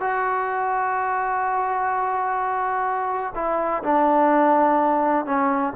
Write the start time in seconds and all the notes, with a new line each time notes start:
0.00 F#4
3.35 E4
3.83 D4
5.25 C#4